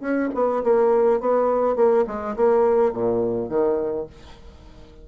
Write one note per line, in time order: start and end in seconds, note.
0.00 0.29 C#4
0.34 0.63 B3
0.63 1.20 A#3
1.20 1.75 B3
1.75 2.04 A#3
2.07 2.35 G#3
2.36 2.92 A#3
2.92 3.49 A#2
3.49 4.06 D#3